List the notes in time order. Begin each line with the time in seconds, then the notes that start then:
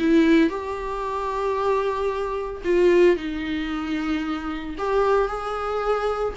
0.00 E4
0.50 G4
2.65 F4
3.17 D#4
4.79 G4
5.28 G#4